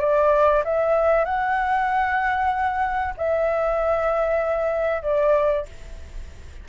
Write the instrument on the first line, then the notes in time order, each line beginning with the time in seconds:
flute
0.00 D5
0.65 E5
1.25 F#5
3.17 E5
5.02 D5